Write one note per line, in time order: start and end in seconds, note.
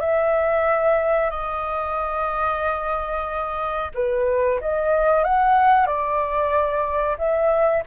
0.00 1.30 E5
1.30 3.91 D#5
3.95 4.60 B4
4.61 5.24 D#5
5.24 5.86 F#5
5.86 7.17 D5
7.18 7.83 E5